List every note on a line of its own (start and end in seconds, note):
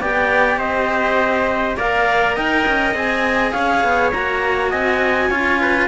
0.00 0.57 B3
0.00 1.77 G4
0.00 0.59 D5
0.00 0.59 G5
0.57 1.74 C4
0.57 1.76 C5
0.57 1.76 D#5
1.77 2.37 A#3
1.77 2.94 A#4
1.77 2.35 D5
1.77 2.36 F5
2.35 2.66 D#4
2.35 3.52 D#5
2.35 2.94 G5
2.68 2.94 C#4
2.94 3.52 C4
2.94 4.12 G#4
2.94 3.52 G#5
3.52 3.83 C#4
3.52 4.70 C#5
3.52 4.10 F5
3.83 4.13 B3
4.12 4.73 A#3
4.12 5.31 F#4
4.12 4.70 A#5
4.70 5.29 C4
4.70 5.29 D#5
4.70 5.88 G#5
5.29 5.88 C#4
5.29 5.88 F4
5.29 5.59 C#5
5.61 5.88 B4